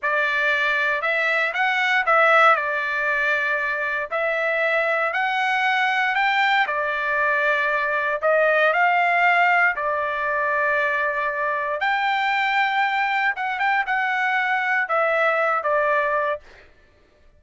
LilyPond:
\new Staff \with { instrumentName = "trumpet" } { \time 4/4 \tempo 4 = 117 d''2 e''4 fis''4 | e''4 d''2. | e''2 fis''2 | g''4 d''2. |
dis''4 f''2 d''4~ | d''2. g''4~ | g''2 fis''8 g''8 fis''4~ | fis''4 e''4. d''4. | }